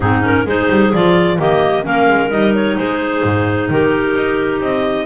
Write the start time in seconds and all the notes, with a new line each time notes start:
0.00 G#2 C4 D#4 G#4
0.21 C#4 A#4
0.45 G#3 D#4 G#4 C5
0.69 G3
0.93 F3 F4 D5
1.37 D#3 A#3 G4 D#5
1.83 A#3 C#4 A#4 F5
2.08 G#3
2.30 G3 D#4 D#5
2.54 C#5
2.77 G#3 G#4 C5
3.23 G#2
3.69 D#3 G4 A#4
4.15 D#4
4.60 C4 D#5